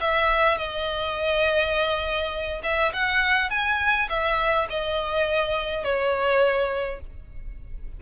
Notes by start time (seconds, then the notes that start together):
0.00 E5
0.58 D#5
2.63 E5
2.93 F#5
3.50 G#5
4.09 E5
4.69 D#5
5.84 C#5